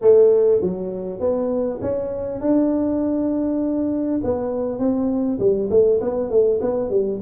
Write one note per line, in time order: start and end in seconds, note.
0.01 0.61 A3
0.61 1.19 F#3
1.19 1.79 B3
1.81 2.40 C#4
2.40 4.20 D4
4.23 4.78 B3
4.78 5.38 C4
5.39 5.69 G3
5.70 6.00 A3
6.00 6.30 B3
6.30 6.60 A3
6.61 6.90 B3
6.90 7.20 G3